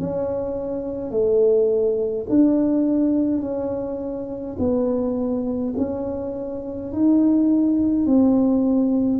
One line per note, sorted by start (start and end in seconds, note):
0.00 1.11 C#4
1.11 2.27 A3
2.30 3.41 D4
3.41 4.57 C#4
4.59 5.75 B3
5.77 6.93 C#4
6.93 8.07 D#4
8.07 9.20 C4